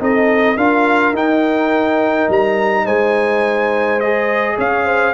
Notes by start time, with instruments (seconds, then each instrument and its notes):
0.00 tuba C4, trombone D#4, horn A4, trumpet D#5
0.57 tuba D4, trombone F4, horn A#4, trumpet F5
1.13 tuba D#4, trombone D#4, trumpet G5
2.29 tuba G3, trumpet A#5
2.85 tuba G#3, horn C5, trumpet G#5
4.00 trombone G#4, trumpet D#5
4.58 tuba C#4, horn C#5, trumpet F5
4.86 horn C5